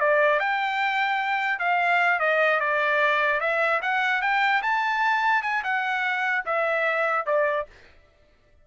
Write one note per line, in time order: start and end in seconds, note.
0.00 0.40 D5
0.40 1.59 G5
1.59 2.19 F5
2.20 2.60 D#5
2.60 3.40 D5
3.40 3.81 E5
3.82 4.22 F#5
4.22 4.62 G5
4.63 5.43 A5
5.43 5.63 G#5
5.64 6.44 F#5
6.46 7.26 E5
7.26 7.67 D5